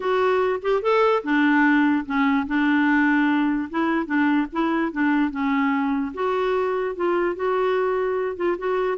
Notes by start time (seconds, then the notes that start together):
0.00 F#4
0.62 G4
0.81 A4
1.23 D4
2.05 C#4
2.47 D4
3.70 E4
4.05 D4
4.52 E4
4.91 D4
5.30 C#4
6.14 F#4
6.95 F4
7.35 F#4
8.36 F4
8.58 F#4